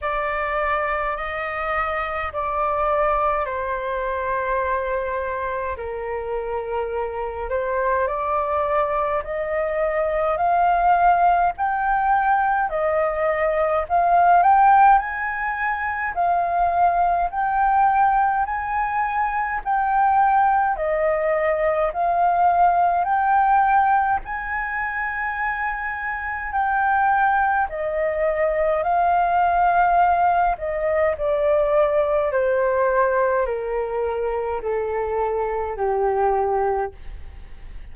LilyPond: \new Staff \with { instrumentName = "flute" } { \time 4/4 \tempo 4 = 52 d''4 dis''4 d''4 c''4~ | c''4 ais'4. c''8 d''4 | dis''4 f''4 g''4 dis''4 | f''8 g''8 gis''4 f''4 g''4 |
gis''4 g''4 dis''4 f''4 | g''4 gis''2 g''4 | dis''4 f''4. dis''8 d''4 | c''4 ais'4 a'4 g'4 | }